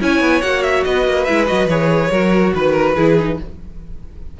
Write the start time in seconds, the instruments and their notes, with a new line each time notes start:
0.00 cello C#4, viola E4, violin C#5 G#5
0.20 cello B3
0.41 cello A#3, viola F#4, violin F#5
0.63 violin E5
0.84 cello B3, violin B4 D#5
1.06 cello A#3
1.24 cello G#3, viola E4, violin E5
1.47 cello F#3, viola F#4, violin D#5
1.67 cello E3, viola G#4, violin C#5
2.11 cello F#3, viola F#4, violin A#4
2.54 cello D#3, violin B4
2.71 violin A#4
2.96 cello E3, viola E4, violin G#4
3.19 viola D#4